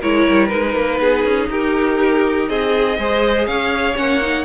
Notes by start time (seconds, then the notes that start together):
0.00 G#3 E4 A#4 C#5
0.29 G3
0.48 G#3 D#4 B4
0.75 A#3
1.00 B3 G#4
1.25 C#4
1.50 D#4 G4 A#4
2.49 C4 G#4 D#5
2.99 G#3 G#4 C5
3.47 C#4 C#5 F5
3.96 A#3 C#4 F#5
4.22 D#4